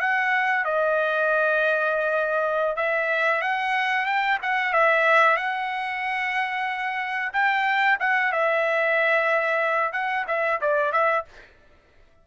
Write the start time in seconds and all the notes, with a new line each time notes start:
0.00 F#5
0.64 D#5
2.76 E5
3.41 F#5
4.06 G5
4.42 F#5
4.73 E5
5.36 F#5
7.33 G5
8.00 F#5
8.32 E5
9.92 F#5
10.27 E5
10.61 D5
10.92 E5